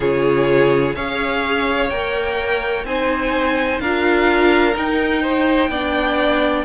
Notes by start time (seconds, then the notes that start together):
0.00 C#3 F4 G#4 C#5
0.95 C#4 G#4 C#5 F5
1.89 A#3 A#4 G5
2.84 C4 D#4 C5 G#5
3.80 D4 F4 A#4 F5
4.73 D#4 G5
5.22 C5
5.68 B3 D4 D5